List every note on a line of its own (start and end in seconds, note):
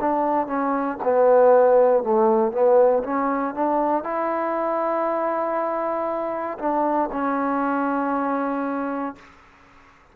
0.00 0.46 D4
0.46 0.97 C#4
1.03 2.03 B3
2.03 2.51 A3
2.51 3.02 B3
3.03 3.54 C#4
3.54 4.03 D4
4.03 6.57 E4
6.58 7.09 D4
7.12 9.15 C#4